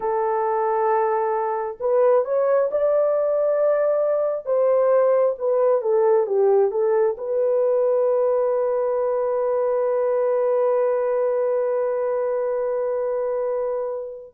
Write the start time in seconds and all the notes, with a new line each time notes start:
0.00 A4
1.80 B4
2.24 C#5
2.71 D5
4.45 C5
5.38 B4
5.81 A4
6.26 G4
6.71 A4
7.17 B4